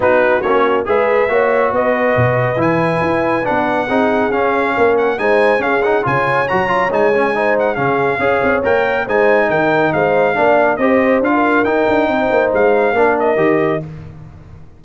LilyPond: <<
  \new Staff \with { instrumentName = "trumpet" } { \time 4/4 \tempo 4 = 139 b'4 cis''4 e''2 | dis''2 gis''2 | fis''2 f''4. fis''8 | gis''4 f''8 fis''8 gis''4 ais''4 |
gis''4. fis''8 f''2 | g''4 gis''4 g''4 f''4~ | f''4 dis''4 f''4 g''4~ | g''4 f''4. dis''4. | }
  \new Staff \with { instrumentName = "horn" } { \time 4/4 fis'2 b'4 cis''4 | b'1~ | b'4 gis'2 ais'4 | c''4 gis'4 cis''2~ |
cis''4 c''4 gis'4 cis''4~ | cis''4 c''4 ais'4 c''4 | d''4 c''4~ c''16 ais'4.~ ais'16 | c''2 ais'2 | }
  \new Staff \with { instrumentName = "trombone" } { \time 4/4 dis'4 cis'4 gis'4 fis'4~ | fis'2 e'2 | d'4 dis'4 cis'2 | dis'4 cis'8 dis'8 f'4 fis'8 f'8 |
dis'8 cis'8 dis'4 cis'4 gis'4 | ais'4 dis'2. | d'4 g'4 f'4 dis'4~ | dis'2 d'4 g'4 | }
  \new Staff \with { instrumentName = "tuba" } { \time 4/4 b4 ais4 gis4 ais4 | b4 b,4 e4 e'4 | b4 c'4 cis'4 ais4 | gis4 cis'4 cis4 fis4 |
gis2 cis4 cis'8 c'8 | ais4 gis4 dis4 gis4 | ais4 c'4 d'4 dis'8 d'8 | c'8 ais8 gis4 ais4 dis4 | }
>>